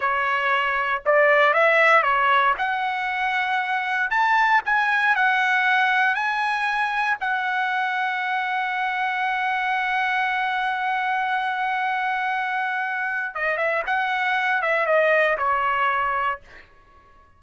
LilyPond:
\new Staff \with { instrumentName = "trumpet" } { \time 4/4 \tempo 4 = 117 cis''2 d''4 e''4 | cis''4 fis''2. | a''4 gis''4 fis''2 | gis''2 fis''2~ |
fis''1~ | fis''1~ | fis''2 dis''8 e''8 fis''4~ | fis''8 e''8 dis''4 cis''2 | }